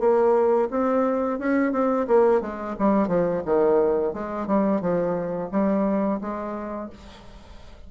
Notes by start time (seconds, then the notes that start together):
0.00 A#3
0.71 C4
1.39 C#4
1.72 C4
2.08 A#3
2.41 G#3
2.79 G3
3.08 F3
3.46 D#3
4.14 G#3
4.47 G3
4.81 F3
5.51 G3
6.21 G#3